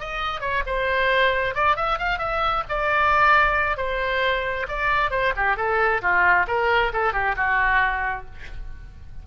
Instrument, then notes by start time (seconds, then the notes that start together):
oboe
0.00 D#5
0.41 C#5
0.66 C5
1.55 D5
1.76 E5
1.99 F5
2.19 E5
2.69 D5
3.77 C5
4.68 D5
5.11 C5
5.36 G4
5.57 A4
6.02 F4
6.48 A#4
6.93 A4
7.13 G4
7.36 F#4